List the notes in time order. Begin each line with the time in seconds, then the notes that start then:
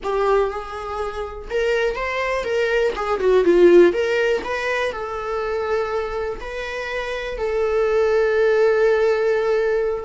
0.03 G4
0.50 G#4
1.50 A#4
1.95 C5
2.43 A#4
2.95 G#4
3.19 F#4
3.44 F4
3.93 A#4
4.44 B4
4.92 A4
6.40 B4
7.38 A4